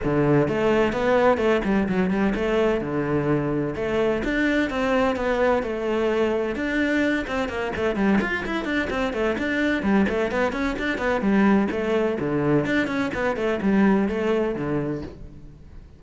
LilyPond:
\new Staff \with { instrumentName = "cello" } { \time 4/4 \tempo 4 = 128 d4 a4 b4 a8 g8 | fis8 g8 a4 d2 | a4 d'4 c'4 b4 | a2 d'4. c'8 |
ais8 a8 g8 f'8 e'8 d'8 c'8 a8 | d'4 g8 a8 b8 cis'8 d'8 b8 | g4 a4 d4 d'8 cis'8 | b8 a8 g4 a4 d4 | }